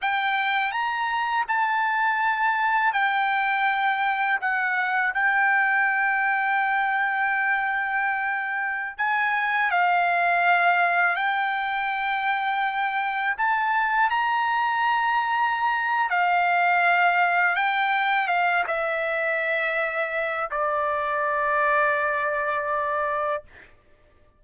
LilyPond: \new Staff \with { instrumentName = "trumpet" } { \time 4/4 \tempo 4 = 82 g''4 ais''4 a''2 | g''2 fis''4 g''4~ | g''1~ | g''16 gis''4 f''2 g''8.~ |
g''2~ g''16 a''4 ais''8.~ | ais''2 f''2 | g''4 f''8 e''2~ e''8 | d''1 | }